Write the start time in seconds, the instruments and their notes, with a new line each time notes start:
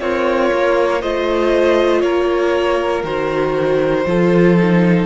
0.00 cello C4, violin F4 C#5, viola A#4
0.53 cello A#3
1.01 cello A3, viola F4, violin C5 D#5
2.01 cello A#3, violin A#4 C#5
3.04 cello D#3, viola F#4, violin C5
4.06 cello F3, viola F4, violin A4
4.58 viola D#4